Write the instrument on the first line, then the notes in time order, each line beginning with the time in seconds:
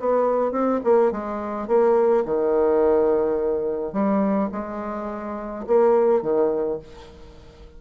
bassoon
0.00 B3
0.52 C4
0.84 A#3
1.12 G#3
1.68 A#3
2.26 D#3
3.93 G3
4.53 G#3
5.67 A#3
6.23 D#3